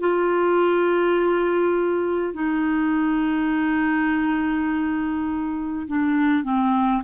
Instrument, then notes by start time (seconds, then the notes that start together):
clarinet
0.00 F4
2.34 D#4
5.88 D4
6.44 C4